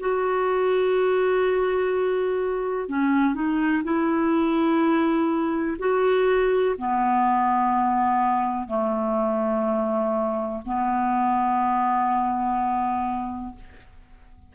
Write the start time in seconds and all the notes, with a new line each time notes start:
0.00 F#4
2.89 C#4
3.35 D#4
3.84 E4
5.79 F#4
6.78 B3
8.68 A3
10.65 B3